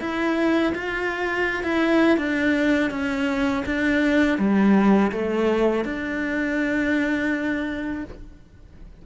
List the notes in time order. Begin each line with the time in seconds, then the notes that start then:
0.00 E4
0.75 F4
1.63 E4
2.18 D4
2.91 C#4
3.66 D4
4.38 G3
5.12 A3
5.85 D4